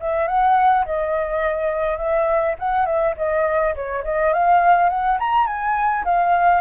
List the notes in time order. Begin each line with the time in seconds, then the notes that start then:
0.00 E5
0.27 F#5
0.85 D#5
1.98 E5
2.59 F#5
2.86 E5
3.17 D#5
3.75 C#5
4.04 D#5
4.33 F5
4.89 F#5
5.19 A#5
5.47 G#5
6.04 F5